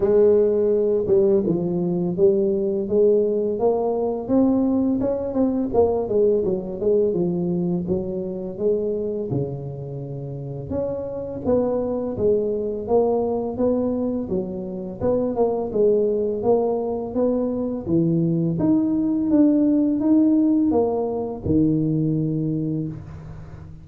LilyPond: \new Staff \with { instrumentName = "tuba" } { \time 4/4 \tempo 4 = 84 gis4. g8 f4 g4 | gis4 ais4 c'4 cis'8 c'8 | ais8 gis8 fis8 gis8 f4 fis4 | gis4 cis2 cis'4 |
b4 gis4 ais4 b4 | fis4 b8 ais8 gis4 ais4 | b4 e4 dis'4 d'4 | dis'4 ais4 dis2 | }